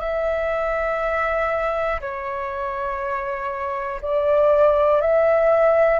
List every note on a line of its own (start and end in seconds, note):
0.00 2.00 E5
2.00 4.00 C#5
4.02 5.01 D5
5.01 6.00 E5